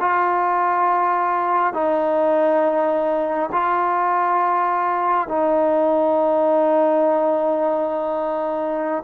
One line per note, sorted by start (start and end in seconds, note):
0.00 1.73 F4
1.73 3.50 D#4
3.52 5.28 F4
5.28 9.03 D#4